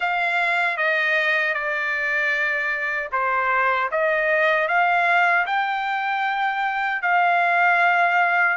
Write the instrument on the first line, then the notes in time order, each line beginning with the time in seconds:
trumpet
0.00 F5
0.77 D#5
1.53 D5
3.12 C5
3.91 D#5
4.68 F5
5.46 G5
7.01 F5